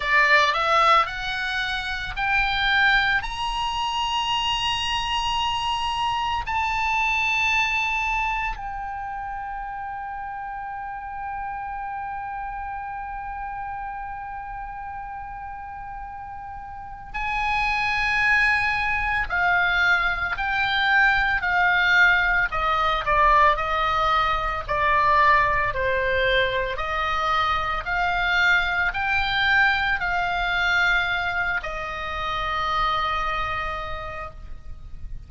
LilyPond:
\new Staff \with { instrumentName = "oboe" } { \time 4/4 \tempo 4 = 56 d''8 e''8 fis''4 g''4 ais''4~ | ais''2 a''2 | g''1~ | g''1 |
gis''2 f''4 g''4 | f''4 dis''8 d''8 dis''4 d''4 | c''4 dis''4 f''4 g''4 | f''4. dis''2~ dis''8 | }